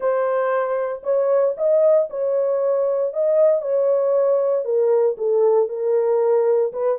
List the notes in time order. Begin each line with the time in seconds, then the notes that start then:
0.00 C5
1.03 C#5
1.57 D#5
2.09 C#5
3.13 D#5
3.61 C#5
4.64 A#4
5.17 A4
5.68 A#4
6.72 B4